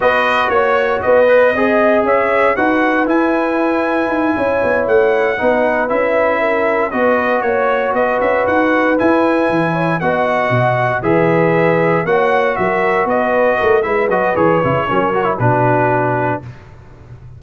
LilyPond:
<<
  \new Staff \with { instrumentName = "trumpet" } { \time 4/4 \tempo 4 = 117 dis''4 cis''4 dis''2 | e''4 fis''4 gis''2~ | gis''4. fis''2 e''8~ | e''4. dis''4 cis''4 dis''8 |
e''8 fis''4 gis''2 fis''8~ | fis''4. e''2 fis''8~ | fis''8 e''4 dis''4. e''8 dis''8 | cis''2 b'2 | }
  \new Staff \with { instrumentName = "horn" } { \time 4/4 b'4 cis''4 b'4 dis''4 | cis''4 b'2.~ | b'8 cis''2 b'4.~ | b'8 ais'4 b'4 cis''4 b'8~ |
b'2. cis''8 dis''8~ | dis''4. b'2 cis''8~ | cis''8 ais'4 b'4 ais'8 b'4~ | b'4 ais'4 fis'2 | }
  \new Staff \with { instrumentName = "trombone" } { \time 4/4 fis'2~ fis'8 b'8 gis'4~ | gis'4 fis'4 e'2~ | e'2~ e'8 dis'4 e'8~ | e'4. fis'2~ fis'8~ |
fis'4. e'2 fis'8~ | fis'4. gis'2 fis'8~ | fis'2. e'8 fis'8 | gis'8 e'8 cis'8 fis'16 e'16 d'2 | }
  \new Staff \with { instrumentName = "tuba" } { \time 4/4 b4 ais4 b4 c'4 | cis'4 dis'4 e'2 | dis'8 cis'8 b8 a4 b4 cis'8~ | cis'4. b4 ais4 b8 |
cis'8 dis'4 e'4 e4 b8~ | b8 b,4 e2 ais8~ | ais8 fis4 b4 a8 gis8 fis8 | e8 cis8 fis4 b,2 | }
>>